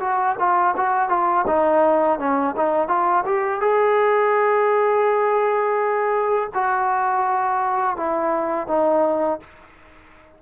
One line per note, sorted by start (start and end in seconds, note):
0.00 0.36 F#4
0.39 0.76 F4
0.77 1.10 F#4
1.10 1.46 F4
1.48 2.19 D#4
2.19 2.55 C#4
2.57 2.88 D#4
2.88 3.25 F4
3.26 3.61 G4
3.61 6.50 G#4
6.55 7.97 F#4
7.97 8.68 E4
8.68 9.40 D#4